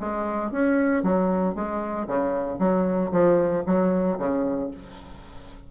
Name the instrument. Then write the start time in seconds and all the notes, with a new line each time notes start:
bassoon
0.00 G#3
0.52 C#4
1.03 F#3
1.55 G#3
2.07 C#3
2.59 F#3
3.12 F3
3.66 F#3
4.19 C#3